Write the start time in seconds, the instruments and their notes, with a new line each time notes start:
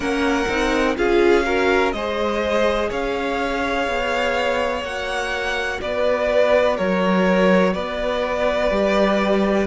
0.00 cello A#3, viola C#4, violin A#4 F#5
0.48 cello C4, viola D#4
0.96 cello C#4, viola F4, violin G#4 F5
1.44 viola F#4, violin A#4
1.92 cello G#3, viola G#4, violin C5 D#5
2.89 cello C#4, violin C#5 F5
3.87 cello B3
4.81 cello A#3, viola F#4, violin F#5
5.81 cello B3, violin B4 D5
6.76 cello F#3, violin A#4 C#5
7.73 cello B3, violin B4 D5
8.70 cello G3, viola G4